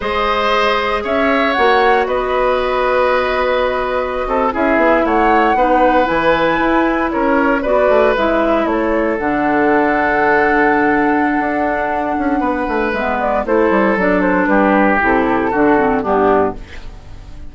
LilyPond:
<<
  \new Staff \with { instrumentName = "flute" } { \time 4/4 \tempo 4 = 116 dis''2 e''4 fis''4 | dis''1~ | dis''8. e''4 fis''2 gis''16~ | gis''4.~ gis''16 cis''4 d''4 e''16~ |
e''8. cis''4 fis''2~ fis''16~ | fis''1~ | fis''4 e''8 d''8 c''4 d''8 c''8 | b'4 a'2 g'4 | }
  \new Staff \with { instrumentName = "oboe" } { \time 4/4 c''2 cis''2 | b'1~ | b'16 a'8 gis'4 cis''4 b'4~ b'16~ | b'4.~ b'16 ais'4 b'4~ b'16~ |
b'8. a'2.~ a'16~ | a'1 | b'2 a'2 | g'2 fis'4 d'4 | }
  \new Staff \with { instrumentName = "clarinet" } { \time 4/4 gis'2. fis'4~ | fis'1~ | fis'8. e'2 dis'4 e'16~ | e'2~ e'8. fis'4 e'16~ |
e'4.~ e'16 d'2~ d'16~ | d'1~ | d'4 b4 e'4 d'4~ | d'4 e'4 d'8 c'8 b4 | }
  \new Staff \with { instrumentName = "bassoon" } { \time 4/4 gis2 cis'4 ais4 | b1~ | b16 c'8 cis'8 b8 a4 b4 e16~ | e8. e'4 cis'4 b8 a8 gis16~ |
gis8. a4 d2~ d16~ | d2 d'4. cis'8 | b8 a8 gis4 a8 g8 fis4 | g4 c4 d4 g,4 | }
>>